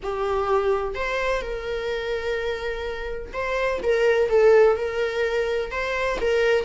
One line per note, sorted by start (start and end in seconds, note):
0.02 0.94 G4
0.94 1.41 C5
1.41 3.32 A#4
3.33 3.81 C5
3.82 4.29 A#4
4.29 4.76 A4
4.76 5.71 A#4
5.71 6.18 C5
6.20 6.64 A#4